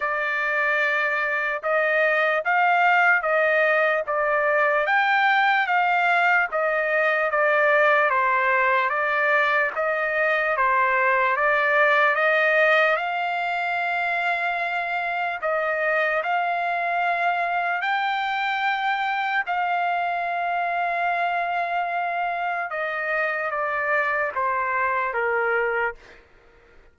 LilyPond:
\new Staff \with { instrumentName = "trumpet" } { \time 4/4 \tempo 4 = 74 d''2 dis''4 f''4 | dis''4 d''4 g''4 f''4 | dis''4 d''4 c''4 d''4 | dis''4 c''4 d''4 dis''4 |
f''2. dis''4 | f''2 g''2 | f''1 | dis''4 d''4 c''4 ais'4 | }